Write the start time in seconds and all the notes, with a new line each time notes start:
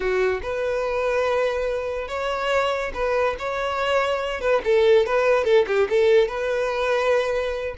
0.00 F#4
0.42 B4
2.08 C#5
2.94 B4
3.38 C#5
4.40 B4
4.64 A4
5.05 B4
5.44 A4
5.67 G4
5.89 A4
6.28 B4